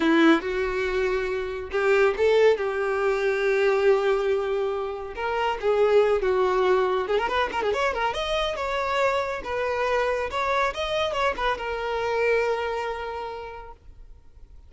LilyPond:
\new Staff \with { instrumentName = "violin" } { \time 4/4 \tempo 4 = 140 e'4 fis'2. | g'4 a'4 g'2~ | g'1 | ais'4 gis'4. fis'4.~ |
fis'8 gis'16 ais'16 b'8 ais'16 gis'16 cis''8 ais'8 dis''4 | cis''2 b'2 | cis''4 dis''4 cis''8 b'8 ais'4~ | ais'1 | }